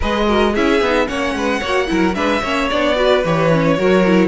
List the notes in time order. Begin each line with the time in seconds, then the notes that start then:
0.00 G#3 G#4 B4 D#5
0.27 F#4 A#4
0.52 C#4 E4 G#4 E5
0.81 B3 D#4
1.07 A#3 C#4 C#5 F#5
1.34 G#3 B4
1.60 A#3 F#4 C#5
1.87 F#3 E4 A#4
2.14 G#3 D4 B4 E5
2.42 A#3 C#4 C#5
2.69 B3 D4 D5
2.95 F#4 B4
3.24 E3 G4 C#5
3.51 C#4
3.77 F#3 F#4 A#4
4.06 E4